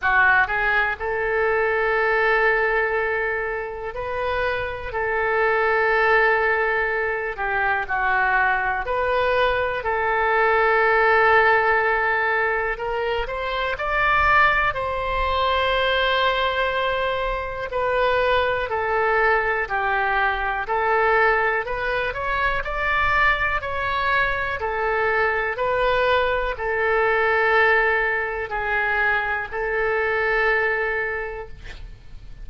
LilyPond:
\new Staff \with { instrumentName = "oboe" } { \time 4/4 \tempo 4 = 61 fis'8 gis'8 a'2. | b'4 a'2~ a'8 g'8 | fis'4 b'4 a'2~ | a'4 ais'8 c''8 d''4 c''4~ |
c''2 b'4 a'4 | g'4 a'4 b'8 cis''8 d''4 | cis''4 a'4 b'4 a'4~ | a'4 gis'4 a'2 | }